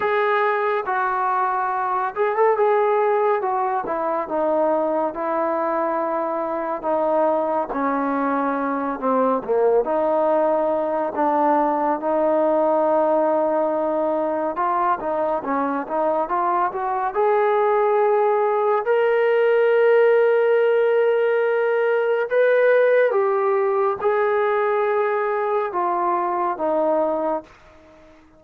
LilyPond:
\new Staff \with { instrumentName = "trombone" } { \time 4/4 \tempo 4 = 70 gis'4 fis'4. gis'16 a'16 gis'4 | fis'8 e'8 dis'4 e'2 | dis'4 cis'4. c'8 ais8 dis'8~ | dis'4 d'4 dis'2~ |
dis'4 f'8 dis'8 cis'8 dis'8 f'8 fis'8 | gis'2 ais'2~ | ais'2 b'4 g'4 | gis'2 f'4 dis'4 | }